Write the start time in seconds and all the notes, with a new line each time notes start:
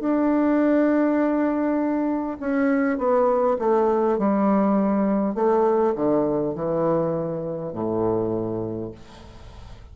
0.00 D4
2.40 C#4
2.98 B3
3.59 A3
4.19 G3
5.35 A3
5.95 D3
6.55 E3
7.73 A2